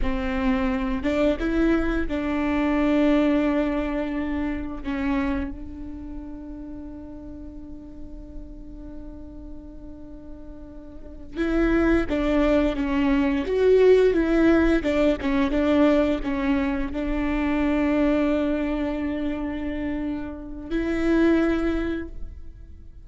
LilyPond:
\new Staff \with { instrumentName = "viola" } { \time 4/4 \tempo 4 = 87 c'4. d'8 e'4 d'4~ | d'2. cis'4 | d'1~ | d'1~ |
d'8 e'4 d'4 cis'4 fis'8~ | fis'8 e'4 d'8 cis'8 d'4 cis'8~ | cis'8 d'2.~ d'8~ | d'2 e'2 | }